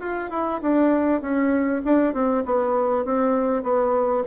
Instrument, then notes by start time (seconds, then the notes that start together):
bassoon
0.00 F4
0.30 E4
0.62 D4
1.21 C#4
1.85 D4
2.13 C4
2.45 B3
3.05 C4
3.63 B3